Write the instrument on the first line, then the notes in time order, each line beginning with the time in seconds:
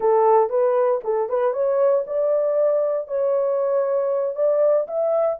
horn
0.00 A4
0.49 B4
1.03 A4
1.29 B4
1.53 C#5
2.07 D5
3.07 C#5
4.35 D5
4.87 E5